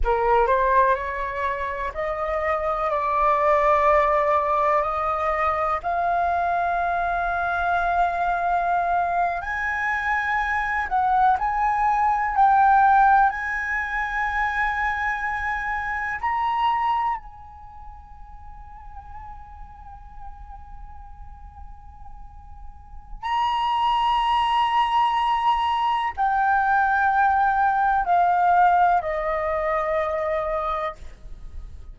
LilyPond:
\new Staff \with { instrumentName = "flute" } { \time 4/4 \tempo 4 = 62 ais'8 c''8 cis''4 dis''4 d''4~ | d''4 dis''4 f''2~ | f''4.~ f''16 gis''4. fis''8 gis''16~ | gis''8. g''4 gis''2~ gis''16~ |
gis''8. ais''4 gis''2~ gis''16~ | gis''1 | ais''2. g''4~ | g''4 f''4 dis''2 | }